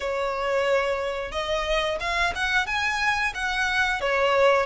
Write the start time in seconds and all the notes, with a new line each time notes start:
0.00 C#5
1.31 D#5
2.00 F5
2.35 F#5
2.66 G#5
3.34 F#5
4.01 C#5